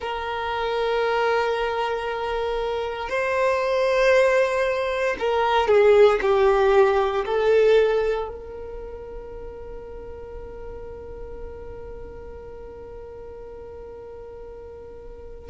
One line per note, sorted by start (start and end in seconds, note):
0.00 3.08 A#4
3.08 5.15 C5
5.19 5.68 A#4
5.68 6.19 G#4
6.21 7.25 G4
7.25 8.28 A4
8.28 15.50 A#4